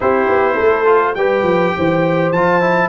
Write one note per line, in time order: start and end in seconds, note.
0.00 0.28 C4
0.00 0.85 E4
0.00 0.54 G4
0.00 1.15 C5
0.28 0.57 B3
0.54 1.15 A3
0.54 1.12 A4
0.85 1.14 F4
1.15 1.43 G3
1.15 2.35 G4
1.15 1.75 B4
1.15 2.31 G5
1.43 1.72 F3
1.76 2.31 E3
1.76 2.88 C5
2.31 2.88 F3
2.31 2.61 F4
2.31 2.88 A5
2.61 2.88 E4